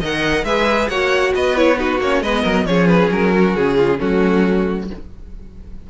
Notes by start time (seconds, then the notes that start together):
0.00 D#3 A#4 D#5 F#5
0.43 G#3 G#4 B4 E5
0.88 A#3 F#4 C#5 F#5
1.34 B3 B4 D#5
1.56 E4 C#5
1.76 D#4 F#4 B4
1.99 A#3 C#4 C#5
2.21 G#3 B3 B4 D#5
2.42 F#3 A#4
2.65 F3 C#4 G#4 C#5
2.87 B4
3.11 F#3 A#4
3.35 F#4
3.55 C#3 G#4
3.77 F4
3.98 F#3 A3 C#4 F#4